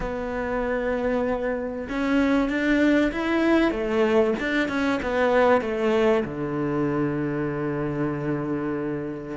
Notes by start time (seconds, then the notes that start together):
0.00 B3
1.89 C#4
2.49 D4
3.12 E4
3.71 A3
4.39 D4
4.68 C#4
5.02 B3
5.61 A3
6.24 D3